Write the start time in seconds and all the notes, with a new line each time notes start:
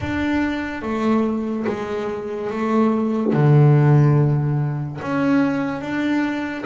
0.00 D4
0.82 A3
1.67 G#3
2.50 A3
3.33 D3
5.02 C#4
5.81 D4